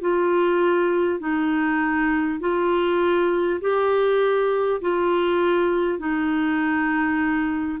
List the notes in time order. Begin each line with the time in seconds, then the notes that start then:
0.00 F4
1.19 D#4
2.40 F4
3.61 G4
4.81 F4
5.98 D#4